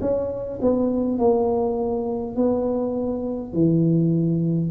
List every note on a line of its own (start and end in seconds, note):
0.00 0.59 C#4
0.61 1.18 B3
1.18 2.36 A#3
2.36 3.53 B3
3.53 4.70 E3